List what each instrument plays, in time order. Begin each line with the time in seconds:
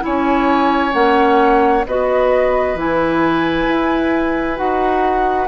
0.00 clarinet E4, oboe C#5, flute G#5
0.06 bassoon C#4
0.93 bassoon A#3, clarinet C#4, flute F#5
1.86 bassoon B3, clarinet F#4, oboe B4, flute D#5
2.75 bassoon E3, clarinet E4, flute G#5
3.68 bassoon E4
4.56 bassoon D#4, clarinet F#4, flute F#5